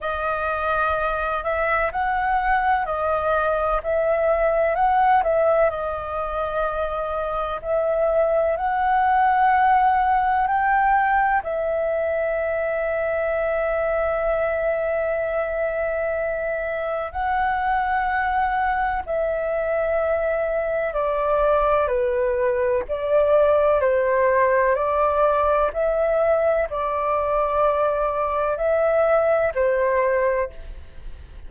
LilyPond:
\new Staff \with { instrumentName = "flute" } { \time 4/4 \tempo 4 = 63 dis''4. e''8 fis''4 dis''4 | e''4 fis''8 e''8 dis''2 | e''4 fis''2 g''4 | e''1~ |
e''2 fis''2 | e''2 d''4 b'4 | d''4 c''4 d''4 e''4 | d''2 e''4 c''4 | }